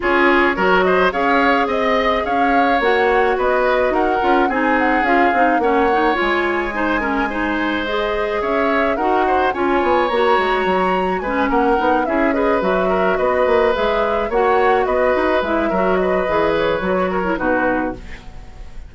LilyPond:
<<
  \new Staff \with { instrumentName = "flute" } { \time 4/4 \tempo 4 = 107 cis''4. dis''8 f''4 dis''4 | f''4 fis''4 dis''4 fis''4 | gis''8 fis''8 f''4 fis''4 gis''4~ | gis''2 dis''4 e''4 |
fis''4 gis''4 ais''2 | gis''8 fis''4 e''8 dis''8 e''4 dis''8~ | dis''8 e''4 fis''4 dis''4 e''8~ | e''8 dis''4 cis''4. b'4 | }
  \new Staff \with { instrumentName = "oboe" } { \time 4/4 gis'4 ais'8 c''8 cis''4 dis''4 | cis''2 b'4 ais'4 | gis'2 cis''2 | c''8 ais'8 c''2 cis''4 |
ais'8 c''8 cis''2. | b'8 ais'4 gis'8 b'4 ais'8 b'8~ | b'4. cis''4 b'4. | ais'8 b'2 ais'8 fis'4 | }
  \new Staff \with { instrumentName = "clarinet" } { \time 4/4 f'4 fis'4 gis'2~ | gis'4 fis'2~ fis'8 f'8 | dis'4 f'8 dis'8 cis'8 dis'8 f'4 | dis'8 cis'8 dis'4 gis'2 |
fis'4 f'4 fis'2 | cis'4 dis'8 e'8 gis'8 fis'4.~ | fis'8 gis'4 fis'2 e'8 | fis'4 gis'4 fis'8. e'16 dis'4 | }
  \new Staff \with { instrumentName = "bassoon" } { \time 4/4 cis'4 fis4 cis'4 c'4 | cis'4 ais4 b4 dis'8 cis'8 | c'4 cis'8 c'8 ais4 gis4~ | gis2. cis'4 |
dis'4 cis'8 b8 ais8 gis8 fis4 | gis8 ais8 b8 cis'4 fis4 b8 | ais8 gis4 ais4 b8 dis'8 gis8 | fis4 e4 fis4 b,4 | }
>>